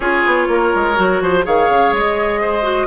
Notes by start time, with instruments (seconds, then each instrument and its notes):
0.00 bassoon C#4, clarinet F4, oboe G#4, flute C#5
0.26 bassoon B3
0.48 bassoon A#3, oboe A#4
0.75 bassoon G#3
0.96 bassoon F#3, clarinet F#4
1.21 bassoon F3, oboe C5
1.43 bassoon D#3, clarinet G#4, oboe C#5, flute F5
1.69 bassoon C#3
1.92 bassoon G#3, flute D#5
2.41 oboe C5
2.62 clarinet F#4